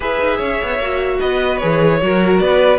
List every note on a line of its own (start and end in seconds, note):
0.00 0.17 E4
0.00 0.79 G#4
0.00 0.37 B4
0.00 1.20 E5
0.19 0.39 D#4
0.37 0.59 C#4
0.37 1.17 C#5
0.62 0.79 B3
0.79 1.19 A#3
0.79 1.60 F#4
1.19 1.62 B3
1.19 1.99 B4
1.19 1.57 D#5
1.57 2.00 G#4
1.57 2.37 C#5
1.63 2.02 E3
2.01 2.40 F#3
2.01 2.78 F#4
2.01 2.43 A#4
2.39 2.78 B3
2.39 2.78 B4
2.39 2.78 D5